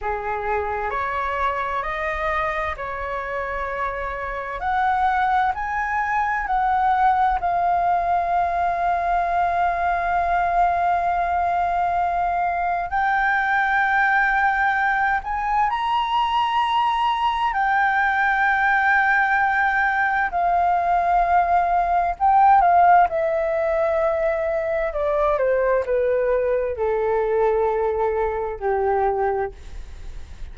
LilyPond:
\new Staff \with { instrumentName = "flute" } { \time 4/4 \tempo 4 = 65 gis'4 cis''4 dis''4 cis''4~ | cis''4 fis''4 gis''4 fis''4 | f''1~ | f''2 g''2~ |
g''8 gis''8 ais''2 g''4~ | g''2 f''2 | g''8 f''8 e''2 d''8 c''8 | b'4 a'2 g'4 | }